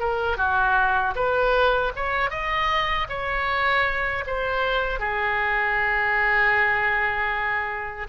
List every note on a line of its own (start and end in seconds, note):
0.00 0.37 A#4
0.37 1.14 F#4
1.15 1.92 B4
1.96 2.30 C#5
2.30 3.07 D#5
3.09 4.24 C#5
4.27 4.99 C5
4.99 8.07 G#4